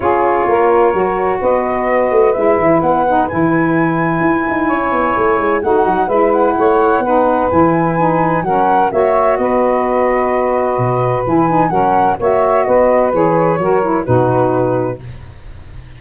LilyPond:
<<
  \new Staff \with { instrumentName = "flute" } { \time 4/4 \tempo 4 = 128 cis''2. dis''4~ | dis''4 e''4 fis''4 gis''4~ | gis''1 | fis''4 e''8 fis''2~ fis''8 |
gis''2 fis''4 e''4 | dis''1 | gis''4 fis''4 e''4 dis''4 | cis''2 b'2 | }
  \new Staff \with { instrumentName = "saxophone" } { \time 4/4 gis'4 ais'2 b'4~ | b'1~ | b'2 cis''2 | fis'4 b'4 cis''4 b'4~ |
b'2 ais'4 cis''4 | b'1~ | b'4 ais'4 cis''4 b'4~ | b'4 ais'4 fis'2 | }
  \new Staff \with { instrumentName = "saxophone" } { \time 4/4 f'2 fis'2~ | fis'4 e'4. dis'8 e'4~ | e'1 | dis'4 e'2 dis'4 |
e'4 dis'4 cis'4 fis'4~ | fis'1 | e'8 dis'8 cis'4 fis'2 | gis'4 fis'8 e'8 dis'2 | }
  \new Staff \with { instrumentName = "tuba" } { \time 4/4 cis'4 ais4 fis4 b4~ | b8 a8 gis8 e8 b4 e4~ | e4 e'8 dis'8 cis'8 b8 a8 gis8 | a8 fis8 gis4 a4 b4 |
e2 fis4 ais4 | b2. b,4 | e4 fis4 ais4 b4 | e4 fis4 b,2 | }
>>